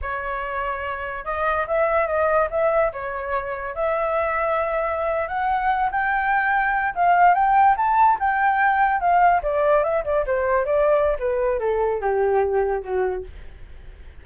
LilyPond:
\new Staff \with { instrumentName = "flute" } { \time 4/4 \tempo 4 = 145 cis''2. dis''4 | e''4 dis''4 e''4 cis''4~ | cis''4 e''2.~ | e''8. fis''4. g''4.~ g''16~ |
g''8. f''4 g''4 a''4 g''16~ | g''4.~ g''16 f''4 d''4 e''16~ | e''16 d''8 c''4 d''4~ d''16 b'4 | a'4 g'2 fis'4 | }